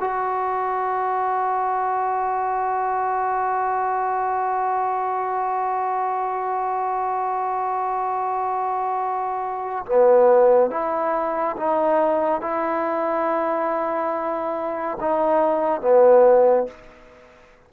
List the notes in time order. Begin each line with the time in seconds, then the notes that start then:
0.00 F#4
9.86 B3
10.70 E4
11.57 D#4
12.41 E4
15.00 D#4
15.81 B3